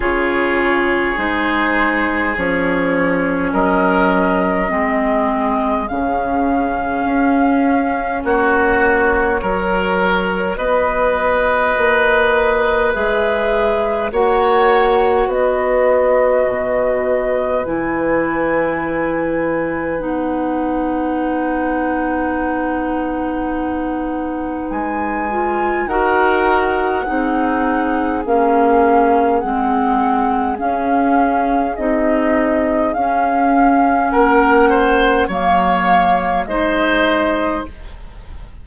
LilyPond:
<<
  \new Staff \with { instrumentName = "flute" } { \time 4/4 \tempo 4 = 51 cis''4 c''4 cis''4 dis''4~ | dis''4 f''2 cis''4~ | cis''4 dis''2 e''4 | fis''4 dis''2 gis''4~ |
gis''4 fis''2.~ | fis''4 gis''4 fis''2 | f''4 fis''4 f''4 dis''4 | f''4 fis''4 f''4 dis''4 | }
  \new Staff \with { instrumentName = "oboe" } { \time 4/4 gis'2. ais'4 | gis'2. fis'4 | ais'4 b'2. | cis''4 b'2.~ |
b'1~ | b'2 ais'4 gis'4~ | gis'1~ | gis'4 ais'8 c''8 cis''4 c''4 | }
  \new Staff \with { instrumentName = "clarinet" } { \time 4/4 f'4 dis'4 cis'2 | c'4 cis'2. | fis'2. gis'4 | fis'2. e'4~ |
e'4 dis'2.~ | dis'4. f'8 fis'4 dis'4 | cis'4 c'4 cis'4 dis'4 | cis'2 ais4 dis'4 | }
  \new Staff \with { instrumentName = "bassoon" } { \time 4/4 cis4 gis4 f4 fis4 | gis4 cis4 cis'4 ais4 | fis4 b4 ais4 gis4 | ais4 b4 b,4 e4~ |
e4 b2.~ | b4 gis4 dis'4 c'4 | ais4 gis4 cis'4 c'4 | cis'4 ais4 fis4 gis4 | }
>>